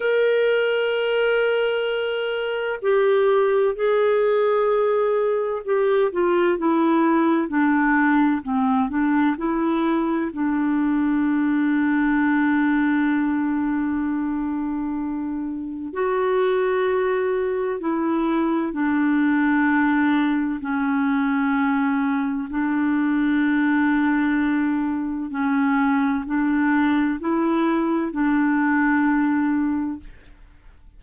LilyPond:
\new Staff \with { instrumentName = "clarinet" } { \time 4/4 \tempo 4 = 64 ais'2. g'4 | gis'2 g'8 f'8 e'4 | d'4 c'8 d'8 e'4 d'4~ | d'1~ |
d'4 fis'2 e'4 | d'2 cis'2 | d'2. cis'4 | d'4 e'4 d'2 | }